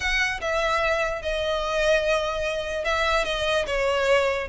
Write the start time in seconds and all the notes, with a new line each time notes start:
0.00 F#5
0.41 E5
1.21 D#5
2.84 E5
3.24 D#5
3.66 C#5